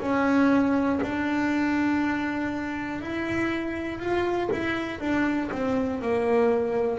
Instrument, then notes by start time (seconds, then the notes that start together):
double bass
0.00 C#4
1.03 D4
3.01 E4
4.00 F4
4.52 E4
5.00 D4
5.51 C4
6.01 A#3